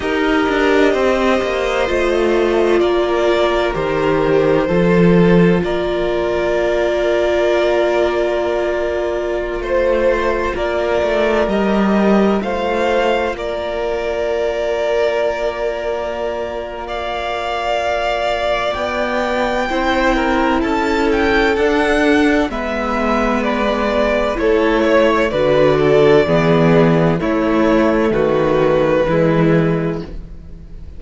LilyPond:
<<
  \new Staff \with { instrumentName = "violin" } { \time 4/4 \tempo 4 = 64 dis''2. d''4 | c''2 d''2~ | d''2~ d''16 c''4 d''8.~ | d''16 dis''4 f''4 d''4.~ d''16~ |
d''2 f''2 | g''2 a''8 g''8 fis''4 | e''4 d''4 cis''4 d''4~ | d''4 cis''4 b'2 | }
  \new Staff \with { instrumentName = "violin" } { \time 4/4 ais'4 c''2 ais'4~ | ais'4 a'4 ais'2~ | ais'2~ ais'16 c''4 ais'8.~ | ais'4~ ais'16 c''4 ais'4.~ ais'16~ |
ais'2 d''2~ | d''4 c''8 ais'8 a'2 | b'2 a'8 cis''8 b'8 a'8 | gis'4 e'4 fis'4 e'4 | }
  \new Staff \with { instrumentName = "viola" } { \time 4/4 g'2 f'2 | g'4 f'2.~ | f'1~ | f'16 g'4 f'2~ f'8.~ |
f'1~ | f'4 e'2 d'4 | b2 e'4 fis'4 | b4 a2 gis4 | }
  \new Staff \with { instrumentName = "cello" } { \time 4/4 dis'8 d'8 c'8 ais8 a4 ais4 | dis4 f4 ais2~ | ais2~ ais16 a4 ais8 a16~ | a16 g4 a4 ais4.~ ais16~ |
ais1 | b4 c'4 cis'4 d'4 | gis2 a4 d4 | e4 a4 dis4 e4 | }
>>